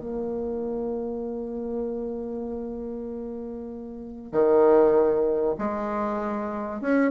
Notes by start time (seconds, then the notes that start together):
0.00 A#3
4.32 D#3
5.58 G#3
6.81 C#4